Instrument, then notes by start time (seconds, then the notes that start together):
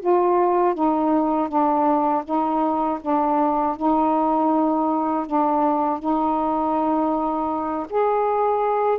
saxophone
0.00 F4
0.74 D#4
1.48 D4
2.24 D#4
3.01 D4
3.76 D#4
5.26 D4
5.99 D#4
7.90 G#4